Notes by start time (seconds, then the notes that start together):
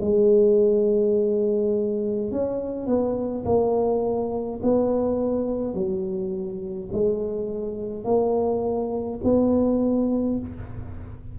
0.00 G#3
2.31 C#4
2.86 B3
3.45 A#3
4.62 B3
5.74 F#3
6.92 G#3
8.04 A#3
9.24 B3